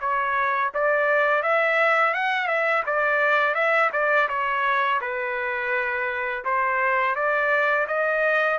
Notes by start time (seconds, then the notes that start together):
0.00 C#5
0.74 D5
1.42 E5
2.14 F#5
2.47 E5
2.86 D5
3.54 E5
3.93 D5
4.28 C#5
5.01 B4
6.44 C5
7.15 D5
7.87 D#5